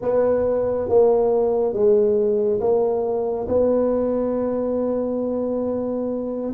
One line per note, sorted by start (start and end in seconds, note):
0.01 0.88 B3
0.89 1.73 A#3
1.73 2.60 G#3
2.60 3.47 A#3
3.48 6.52 B3